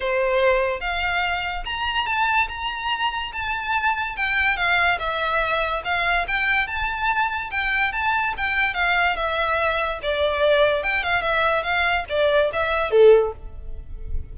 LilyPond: \new Staff \with { instrumentName = "violin" } { \time 4/4 \tempo 4 = 144 c''2 f''2 | ais''4 a''4 ais''2 | a''2 g''4 f''4 | e''2 f''4 g''4 |
a''2 g''4 a''4 | g''4 f''4 e''2 | d''2 g''8 f''8 e''4 | f''4 d''4 e''4 a'4 | }